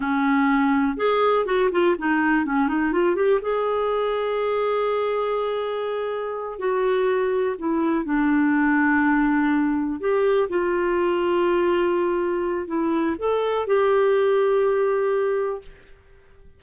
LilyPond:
\new Staff \with { instrumentName = "clarinet" } { \time 4/4 \tempo 4 = 123 cis'2 gis'4 fis'8 f'8 | dis'4 cis'8 dis'8 f'8 g'8 gis'4~ | gis'1~ | gis'4. fis'2 e'8~ |
e'8 d'2.~ d'8~ | d'8 g'4 f'2~ f'8~ | f'2 e'4 a'4 | g'1 | }